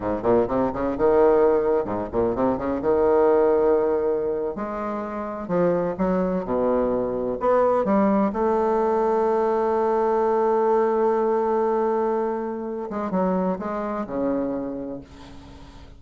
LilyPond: \new Staff \with { instrumentName = "bassoon" } { \time 4/4 \tempo 4 = 128 gis,8 ais,8 c8 cis8 dis2 | gis,8 ais,8 c8 cis8 dis2~ | dis4.~ dis16 gis2 f16~ | f8. fis4 b,2 b16~ |
b8. g4 a2~ a16~ | a1~ | a2.~ a8 gis8 | fis4 gis4 cis2 | }